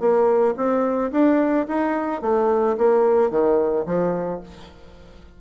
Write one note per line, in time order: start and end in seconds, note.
0.00 0.55 A#3
0.57 1.11 C4
1.12 1.66 D4
1.68 2.22 D#4
2.22 2.76 A3
2.78 3.30 A#3
3.30 3.85 D#3
3.86 4.40 F3